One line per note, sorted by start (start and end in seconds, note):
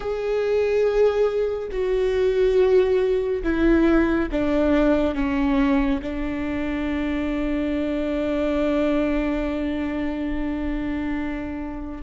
0.00 1.69 G#4
1.71 3.42 F#4
3.43 4.29 E4
4.31 5.14 D4
5.14 6.00 C#4
6.02 12.02 D4